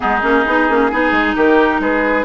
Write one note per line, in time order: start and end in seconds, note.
0.00 0.22 G#3
0.00 0.22 B3
0.00 0.91 D#4
0.00 1.34 G#4
0.22 0.44 A#3
0.22 0.45 C#4
0.45 0.69 B3
0.45 0.68 D#4
0.68 0.91 A#3
0.68 0.91 C#4
0.91 1.11 B3
0.91 2.24 D#4
0.91 1.35 G#4
1.11 1.34 G#3
1.35 1.79 D#3
1.35 1.80 G4
1.35 1.81 A#4
1.79 2.24 G#3
1.79 2.24 G#4
1.79 2.24 B4